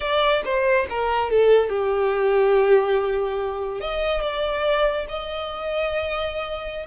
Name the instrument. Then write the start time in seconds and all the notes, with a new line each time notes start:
violin
0.00 D5
0.44 C5
0.89 A#4
1.30 A4
1.69 G4
3.80 D#5
4.21 D5
5.09 D#5